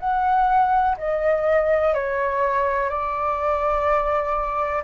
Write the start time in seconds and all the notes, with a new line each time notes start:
0.00 F#5
0.98 D#5
1.94 C#5
2.90 D5